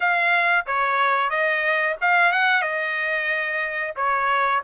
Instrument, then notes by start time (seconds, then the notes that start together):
trumpet
0.00 F5
0.66 C#5
1.29 D#5
2.01 F5
2.31 F#5
2.61 D#5
3.96 C#5